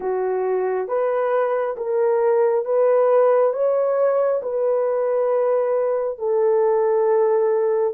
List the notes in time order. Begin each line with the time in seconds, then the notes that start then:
0.00 F#4
0.87 B4
1.76 A#4
2.65 B4
3.53 C#5
4.42 B4
6.18 A4